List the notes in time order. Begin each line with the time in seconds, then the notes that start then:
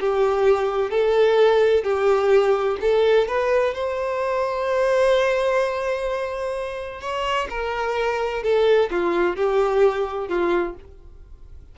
0.00 G4
0.91 A4
1.84 G4
2.81 A4
3.28 B4
3.74 C5
7.01 C#5
7.50 A#4
8.43 A4
8.91 F4
9.36 G4
10.28 F4